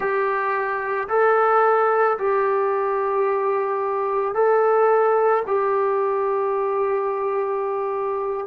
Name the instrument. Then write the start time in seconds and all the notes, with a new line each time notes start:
trombone
0.00 G4
1.08 A4
2.18 G4
4.34 A4
5.46 G4